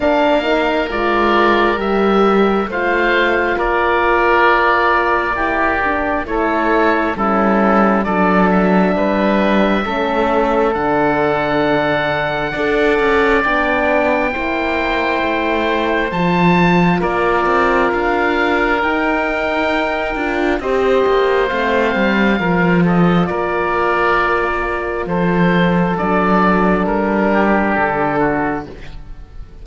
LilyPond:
<<
  \new Staff \with { instrumentName = "oboe" } { \time 4/4 \tempo 4 = 67 f''4 d''4 e''4 f''4 | d''2. cis''4 | a'4 d''8 e''2~ e''8 | fis''2. g''4~ |
g''2 a''4 d''4 | f''4 g''2 dis''4 | f''4. dis''8 d''2 | c''4 d''4 ais'4 a'4 | }
  \new Staff \with { instrumentName = "oboe" } { \time 4/4 ais'2. c''4 | ais'2 g'4 a'4 | e'4 a'4 b'4 a'4~ | a'2 d''2 |
c''2. ais'4~ | ais'2. c''4~ | c''4 ais'8 a'8 ais'2 | a'2~ a'8 g'4 fis'8 | }
  \new Staff \with { instrumentName = "horn" } { \time 4/4 d'8 dis'8 f'4 g'4 f'4~ | f'2 e'8 d'8 e'4 | cis'4 d'2 cis'4 | d'2 a'4 d'4 |
e'2 f'2~ | f'4 dis'4. f'8 g'4 | c'4 f'2.~ | f'4 d'2. | }
  \new Staff \with { instrumentName = "cello" } { \time 4/4 ais4 gis4 g4 a4 | ais2. a4 | g4 fis4 g4 a4 | d2 d'8 cis'8 b4 |
ais4 a4 f4 ais8 c'8 | d'4 dis'4. d'8 c'8 ais8 | a8 g8 f4 ais2 | f4 fis4 g4 d4 | }
>>